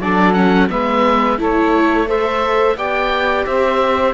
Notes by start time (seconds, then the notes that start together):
0.00 F#3 D4 A4 D5
0.33 C#4 F#5
0.70 G#3 B3 B4 E5
1.38 A3 E4 A4 C#5
2.08 A4 C5 E5
2.76 B3 G4 D5 G5
3.46 C4 C5 E5